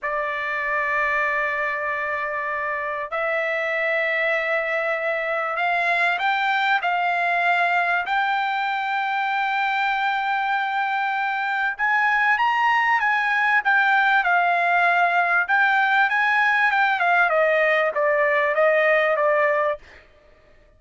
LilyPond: \new Staff \with { instrumentName = "trumpet" } { \time 4/4 \tempo 4 = 97 d''1~ | d''4 e''2.~ | e''4 f''4 g''4 f''4~ | f''4 g''2.~ |
g''2. gis''4 | ais''4 gis''4 g''4 f''4~ | f''4 g''4 gis''4 g''8 f''8 | dis''4 d''4 dis''4 d''4 | }